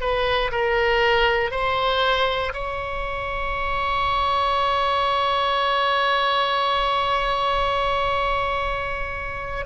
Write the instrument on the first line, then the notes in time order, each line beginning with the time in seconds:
oboe
0.00 B4
0.51 A#4
1.51 C5
2.53 C#5